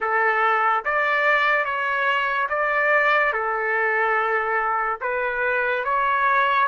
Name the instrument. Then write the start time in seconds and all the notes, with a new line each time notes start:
trumpet
0.00 A4
0.84 D5
1.64 C#5
2.49 D5
3.33 A4
5.00 B4
5.84 C#5